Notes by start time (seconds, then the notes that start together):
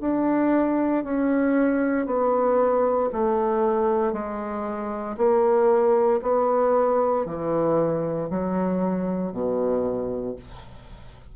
0.00 D4
1.04 C#4
2.06 B3
3.12 A3
4.13 G#3
5.17 A#3
6.22 B3
7.26 E3
8.30 F#3
9.32 B2